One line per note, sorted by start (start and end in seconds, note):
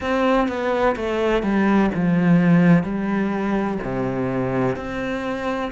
0.00 0.48 C4
0.48 0.95 B3
0.96 1.42 A3
1.42 1.90 G3
1.94 2.83 F3
2.83 3.78 G3
3.83 4.76 C3
4.76 5.71 C4